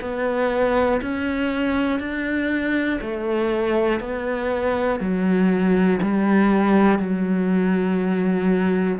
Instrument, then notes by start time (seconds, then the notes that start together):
cello
0.00 B3
1.01 C#4
2.00 D4
3.00 A3
4.00 B3
5.00 F#3
6.02 G3
6.98 F#3